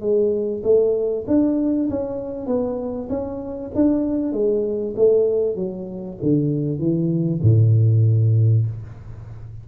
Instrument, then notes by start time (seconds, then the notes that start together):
tuba
0.00 G#3
0.63 A3
1.27 D4
1.90 C#4
2.46 B3
3.09 C#4
3.75 D4
4.32 G#3
4.96 A3
5.55 F#3
6.22 D3
6.78 E3
7.42 A2